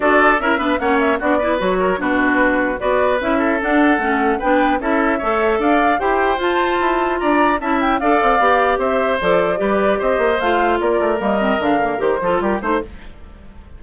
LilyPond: <<
  \new Staff \with { instrumentName = "flute" } { \time 4/4 \tempo 4 = 150 d''4 e''4 fis''8 e''8 d''4 | cis''4 b'2 d''4 | e''4 fis''2 g''4 | e''2 f''4 g''4 |
a''2 ais''4 a''8 g''8 | f''2 e''4 d''4~ | d''4 dis''4 f''4 d''4 | dis''4 f''4 c''4 ais'8 c''8 | }
  \new Staff \with { instrumentName = "oboe" } { \time 4/4 a'4 ais'8 b'8 cis''4 fis'8 b'8~ | b'8 ais'8 fis'2 b'4~ | b'8 a'2~ a'8 b'4 | a'4 cis''4 d''4 c''4~ |
c''2 d''4 e''4 | d''2 c''2 | b'4 c''2 ais'4~ | ais'2~ ais'8 a'8 g'8 c''8 | }
  \new Staff \with { instrumentName = "clarinet" } { \time 4/4 fis'4 e'8 d'8 cis'4 d'8 e'8 | fis'4 d'2 fis'4 | e'4 d'4 cis'4 d'4 | e'4 a'2 g'4 |
f'2. e'4 | a'4 g'2 a'4 | g'2 f'2 | ais8 c'8 d'8 ais8 g'8 f'4 dis'8 | }
  \new Staff \with { instrumentName = "bassoon" } { \time 4/4 d'4 cis'8 b8 ais4 b4 | fis4 b,2 b4 | cis'4 d'4 a4 b4 | cis'4 a4 d'4 e'4 |
f'4 e'4 d'4 cis'4 | d'8 c'8 b4 c'4 f4 | g4 c'8 ais8 a4 ais8 a8 | g4 d4 dis8 f8 g8 a8 | }
>>